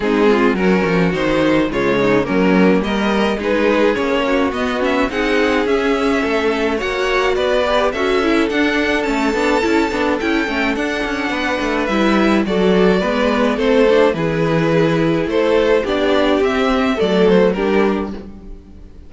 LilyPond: <<
  \new Staff \with { instrumentName = "violin" } { \time 4/4 \tempo 4 = 106 gis'4 ais'4 c''4 cis''4 | ais'4 dis''4 b'4 cis''4 | dis''8 e''8 fis''4 e''2 | fis''4 d''4 e''4 fis''4 |
a''2 g''4 fis''4~ | fis''4 e''4 d''2 | c''4 b'2 c''4 | d''4 e''4 d''8 c''8 ais'4 | }
  \new Staff \with { instrumentName = "violin" } { \time 4/4 dis'8 f'8 fis'2 f'8 dis'8 | cis'4 ais'4 gis'4. fis'8~ | fis'4 gis'2 a'4 | cis''4 b'4 a'2~ |
a'1 | b'2 a'4 b'4 | a'4 gis'2 a'4 | g'2 a'4 g'4 | }
  \new Staff \with { instrumentName = "viola" } { \time 4/4 c'4 cis'4 dis'4 gis4 | ais2 dis'4 cis'4 | b8 cis'8 dis'4 cis'2 | fis'4. g'8 fis'8 e'8 d'4 |
cis'8 d'8 e'8 d'8 e'8 cis'8 d'4~ | d'4 e'4 fis'4 b4 | c'8 d'8 e'2. | d'4 c'4 a4 d'4 | }
  \new Staff \with { instrumentName = "cello" } { \time 4/4 gis4 fis8 f8 dis4 cis4 | fis4 g4 gis4 ais4 | b4 c'4 cis'4 a4 | ais4 b4 cis'4 d'4 |
a8 b8 cis'8 b8 cis'8 a8 d'8 cis'8 | b8 a8 g4 fis4 gis4 | a4 e2 a4 | b4 c'4 fis4 g4 | }
>>